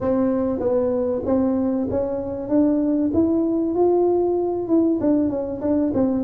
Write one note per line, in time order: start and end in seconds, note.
0.00 0.59 C4
0.59 1.22 B3
1.25 1.88 C4
1.90 2.48 C#4
2.48 3.11 D4
3.13 3.74 E4
3.74 4.68 F4
4.68 4.99 E4
5.00 5.29 D4
5.29 5.60 C#4
5.61 5.92 D4
5.94 6.23 C4